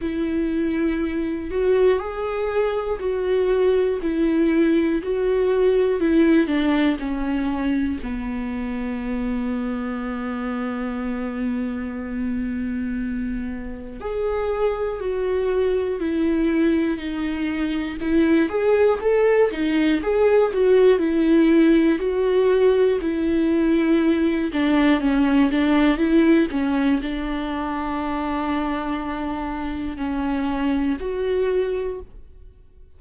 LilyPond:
\new Staff \with { instrumentName = "viola" } { \time 4/4 \tempo 4 = 60 e'4. fis'8 gis'4 fis'4 | e'4 fis'4 e'8 d'8 cis'4 | b1~ | b2 gis'4 fis'4 |
e'4 dis'4 e'8 gis'8 a'8 dis'8 | gis'8 fis'8 e'4 fis'4 e'4~ | e'8 d'8 cis'8 d'8 e'8 cis'8 d'4~ | d'2 cis'4 fis'4 | }